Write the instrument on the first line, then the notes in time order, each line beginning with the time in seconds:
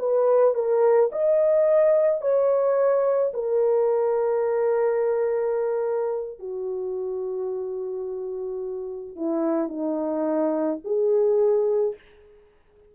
horn
0.00 B4
0.55 A#4
1.13 D#5
2.22 C#5
3.34 A#4
6.39 F#4
9.17 E4
9.69 D#4
10.85 G#4